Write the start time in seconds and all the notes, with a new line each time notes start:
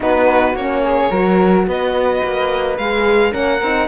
0.00 B3 D#4 F#4 B4
0.54 A#3 C#4 C#5
0.83 G#4
1.09 F#3 F#4 A#4
1.66 B3 B4 D#5
2.23 A#3
2.77 G#3 G#4 F5
3.31 A#3 C#4 A#4 F#5
3.61 C4 D#4